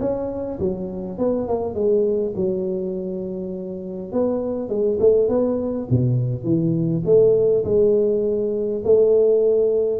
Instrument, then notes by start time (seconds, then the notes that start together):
tuba
0.00 C#4
0.60 F#3
1.18 B3
1.48 A#3
1.75 G#3
2.36 F#3
4.13 B3
4.69 G#3
5.00 A3
5.29 B3
5.90 B2
6.44 E3
7.06 A3
7.65 G#3
8.85 A3